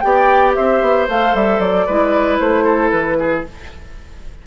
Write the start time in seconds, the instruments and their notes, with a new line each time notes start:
0.00 bassoon B3, clarinet G4, oboe D5, flute G5
0.55 bassoon C4, oboe C5, flute E5
0.82 bassoon B3
1.09 bassoon A3, clarinet A4, flute F5
1.35 bassoon G3, flute E5
1.59 bassoon F#3, flute D5
1.87 bassoon G#3, clarinet E4, oboe B4
2.39 bassoon A3, flute C5
2.65 oboe A4
2.90 bassoon E3, flute B4
3.20 oboe G#4